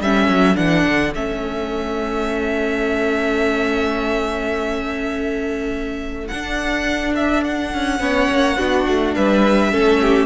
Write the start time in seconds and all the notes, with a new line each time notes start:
0.00 G3 C#4 A4 E5
0.28 F#3
0.55 E3 D4 F#5
0.86 D3
1.14 A3 C#4 E5
6.27 D4 F#5
7.15 E5
7.44 F#5
7.74 C#4
7.99 B3 C#4 C#5
8.30 A#3
8.57 B3 D4 F#4
8.87 A3
9.14 G3 B4 E5
9.71 A3 C#4 A4
10.01 G4